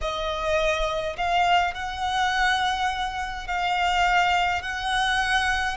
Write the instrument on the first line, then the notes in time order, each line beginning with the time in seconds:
violin
0.01 D#5
1.17 F5
1.74 F#5
3.47 F5
4.62 F#5